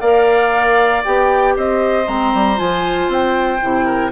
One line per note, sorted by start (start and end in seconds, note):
0.00 1.03 A#3
0.00 1.04 A#4
0.00 1.54 D5
0.00 1.03 F5
1.04 1.56 B3
1.04 2.05 G4
1.04 1.55 G5
1.56 2.07 C4
1.56 3.85 C5
1.56 2.07 D#5
2.05 2.33 G#3
2.05 2.56 C4
2.05 2.58 A#5
2.34 2.59 G3
2.56 3.08 F3
2.56 3.59 F4
2.56 3.10 G#5
3.08 3.59 C4
3.08 4.11 G5
3.61 4.11 C3
3.61 4.11 E4
3.85 4.10 A#4